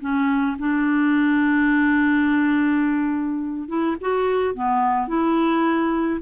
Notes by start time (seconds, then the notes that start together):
0.00 C#4
0.59 D4
3.68 E4
4.00 F#4
4.54 B3
5.07 E4